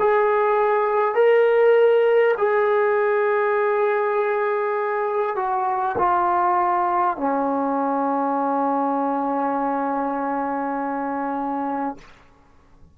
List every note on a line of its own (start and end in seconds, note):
0.00 1.15 G#4
1.15 2.35 A#4
2.38 5.36 G#4
5.36 5.96 F#4
5.98 7.18 F4
7.18 11.98 C#4